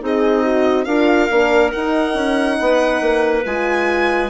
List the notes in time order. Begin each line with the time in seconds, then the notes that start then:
0.00 C4 D#4 G#4 D#5
0.43 F#4
0.84 D4 F4 A#4 F5
1.30 A#3 D4
1.72 D#4 F#5
2.14 C#4
2.60 B3 B4
3.01 A#3
3.45 G#3 F4 G#5